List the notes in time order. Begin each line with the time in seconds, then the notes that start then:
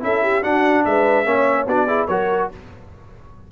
0.00 C#4 E4 A4 E5
0.22 G4
0.42 D4 F#4 F#5
0.85 G#3 B4 E5
1.24 A#3 C#4 C#5
1.66 B3 D4 F#4 D5
1.86 E4 G#4
2.07 F#3 F#4 A#4 C#5